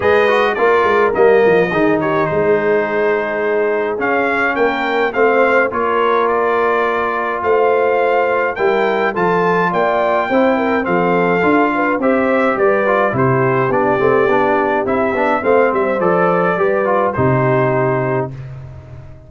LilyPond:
<<
  \new Staff \with { instrumentName = "trumpet" } { \time 4/4 \tempo 4 = 105 dis''4 d''4 dis''4. cis''8 | c''2. f''4 | g''4 f''4 cis''4 d''4~ | d''4 f''2 g''4 |
a''4 g''2 f''4~ | f''4 e''4 d''4 c''4 | d''2 e''4 f''8 e''8 | d''2 c''2 | }
  \new Staff \with { instrumentName = "horn" } { \time 4/4 b'4 ais'2 gis'8 g'8 | gis'1 | ais'4 c''4 ais'2~ | ais'4 c''2 ais'4 |
a'4 d''4 c''8 ais'8 a'4~ | a'8 b'8 c''4 b'4 g'4~ | g'2. c''4~ | c''4 b'4 g'2 | }
  \new Staff \with { instrumentName = "trombone" } { \time 4/4 gis'8 fis'8 f'4 ais4 dis'4~ | dis'2. cis'4~ | cis'4 c'4 f'2~ | f'2. e'4 |
f'2 e'4 c'4 | f'4 g'4. f'8 e'4 | d'8 c'8 d'4 e'8 d'8 c'4 | a'4 g'8 f'8 dis'2 | }
  \new Staff \with { instrumentName = "tuba" } { \time 4/4 gis4 ais8 gis8 g8 f8 dis4 | gis2. cis'4 | ais4 a4 ais2~ | ais4 a2 g4 |
f4 ais4 c'4 f4 | d'4 c'4 g4 c4 | b8 a8 b4 c'8 b8 a8 g8 | f4 g4 c2 | }
>>